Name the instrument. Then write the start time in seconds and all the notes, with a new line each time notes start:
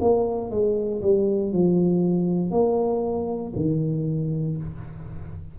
tuba
0.00 A#3
0.50 G#3
1.01 G3
1.52 F3
2.51 A#3
3.55 D#3